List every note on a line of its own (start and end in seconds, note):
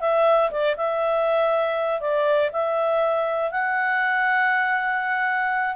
0.00 0.50 E5
0.50 0.75 D5
0.76 2.00 E5
2.00 2.50 D5
2.52 3.51 E5
3.51 5.76 F#5